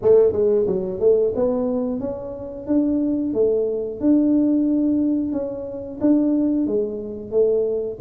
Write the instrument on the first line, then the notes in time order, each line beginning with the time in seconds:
tuba
0.02 A3
0.32 G#3
0.66 F#3
0.99 A3
1.35 B3
2.00 C#4
2.67 D4
3.33 A3
4.00 D4
5.32 C#4
6.01 D4
6.67 G#3
7.31 A3